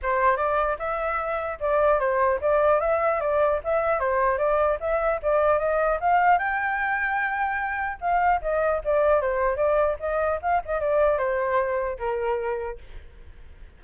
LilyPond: \new Staff \with { instrumentName = "flute" } { \time 4/4 \tempo 4 = 150 c''4 d''4 e''2 | d''4 c''4 d''4 e''4 | d''4 e''4 c''4 d''4 | e''4 d''4 dis''4 f''4 |
g''1 | f''4 dis''4 d''4 c''4 | d''4 dis''4 f''8 dis''8 d''4 | c''2 ais'2 | }